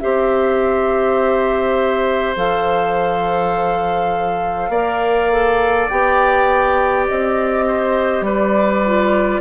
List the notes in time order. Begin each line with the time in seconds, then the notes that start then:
0.00 C4 G4 C5 E5
2.36 F3 A4 F5
4.69 A#3 A#4 D5
5.32 A4
5.88 B3 G4 G5
7.07 C4 D#5
7.67 C5
8.21 G3 B4 D5
8.86 F4